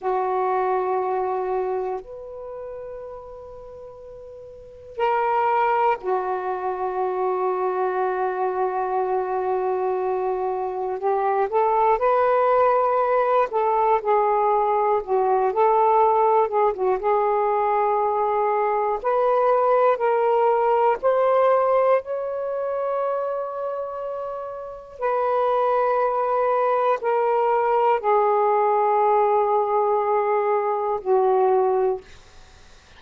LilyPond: \new Staff \with { instrumentName = "saxophone" } { \time 4/4 \tempo 4 = 60 fis'2 b'2~ | b'4 ais'4 fis'2~ | fis'2. g'8 a'8 | b'4. a'8 gis'4 fis'8 a'8~ |
a'8 gis'16 fis'16 gis'2 b'4 | ais'4 c''4 cis''2~ | cis''4 b'2 ais'4 | gis'2. fis'4 | }